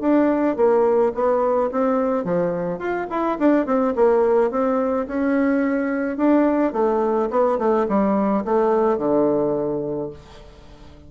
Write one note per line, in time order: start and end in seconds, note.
0.00 0.56 D4
0.56 1.12 A#3
1.14 1.70 B3
1.71 2.24 C4
2.24 2.79 F3
2.79 3.07 F4
3.10 3.38 E4
3.39 3.66 D4
3.66 3.94 C4
3.95 4.50 A#3
4.50 5.06 C4
5.07 6.17 C#4
6.17 6.73 D4
6.73 7.29 A3
7.30 7.58 B3
7.58 7.86 A3
7.88 8.44 G3
8.45 8.98 A3
8.98 10.10 D3